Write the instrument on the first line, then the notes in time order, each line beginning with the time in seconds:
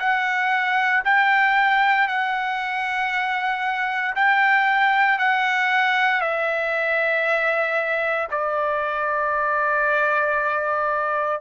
trumpet
0.00 F#5
1.05 G5
2.08 F#5
4.16 G5
5.19 F#5
6.21 E5
8.31 D5